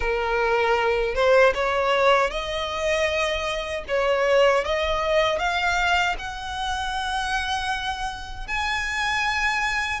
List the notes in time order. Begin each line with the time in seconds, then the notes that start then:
0.00 A#4
1.14 C5
1.54 C#5
2.30 D#5
3.88 C#5
4.64 D#5
5.38 F5
6.18 F#5
8.47 G#5